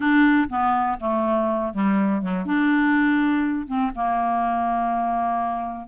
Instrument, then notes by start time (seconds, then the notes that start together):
clarinet
0.00 D4
0.49 B3
0.99 A3
1.73 G3
2.21 F#3
2.45 D4
3.67 C4
3.95 A#3